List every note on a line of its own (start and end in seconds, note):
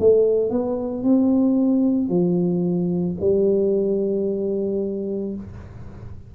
0.00 0.50 A3
0.50 1.04 B3
1.04 2.09 C4
2.09 3.17 F3
3.21 5.35 G3